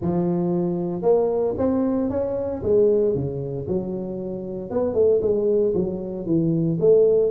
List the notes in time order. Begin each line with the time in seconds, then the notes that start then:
0.01 F3
1.02 A#3
1.57 C4
2.10 C#4
2.63 G#3
3.14 C#3
3.68 F#3
4.70 B3
4.94 A3
5.21 G#3
5.74 F#3
6.26 E3
6.80 A3